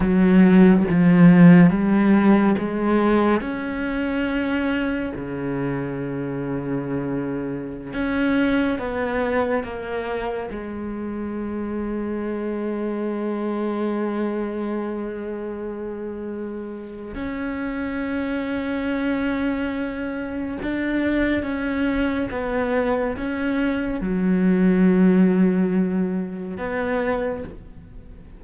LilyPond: \new Staff \with { instrumentName = "cello" } { \time 4/4 \tempo 4 = 70 fis4 f4 g4 gis4 | cis'2 cis2~ | cis4~ cis16 cis'4 b4 ais8.~ | ais16 gis2.~ gis8.~ |
gis1 | cis'1 | d'4 cis'4 b4 cis'4 | fis2. b4 | }